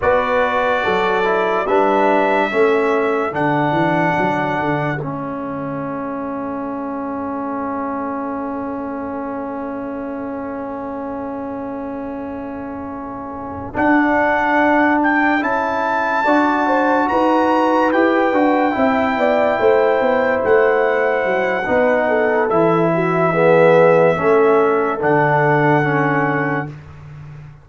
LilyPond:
<<
  \new Staff \with { instrumentName = "trumpet" } { \time 4/4 \tempo 4 = 72 d''2 e''2 | fis''2 e''2~ | e''1~ | e''1~ |
e''8 fis''4. g''8 a''4.~ | a''8 ais''4 g''2~ g''8~ | g''8 fis''2~ fis''8 e''4~ | e''2 fis''2 | }
  \new Staff \with { instrumentName = "horn" } { \time 4/4 b'4 a'4 b'4 a'4~ | a'1~ | a'1~ | a'1~ |
a'2.~ a'8 d''8 | c''8 b'2 e''8 d''8 c''8~ | c''2 b'8 a'4 fis'8 | gis'4 a'2. | }
  \new Staff \with { instrumentName = "trombone" } { \time 4/4 fis'4. e'8 d'4 cis'4 | d'2 cis'2~ | cis'1~ | cis'1~ |
cis'8 d'2 e'4 fis'8~ | fis'4. g'8 fis'8 e'4.~ | e'2 dis'4 e'4 | b4 cis'4 d'4 cis'4 | }
  \new Staff \with { instrumentName = "tuba" } { \time 4/4 b4 fis4 g4 a4 | d8 e8 fis8 d8 a2~ | a1~ | a1~ |
a8 d'2 cis'4 d'8~ | d'8 dis'4 e'8 d'8 c'8 b8 a8 | b8 a4 fis8 b4 e4~ | e4 a4 d2 | }
>>